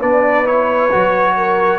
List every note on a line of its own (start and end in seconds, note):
0.00 0.92 B3
0.00 0.45 D4
0.00 1.34 B4
0.00 0.47 D5
0.45 0.90 E4
0.45 1.79 C#5
0.92 1.79 F#3
0.92 1.79 F#4
1.37 1.79 A#4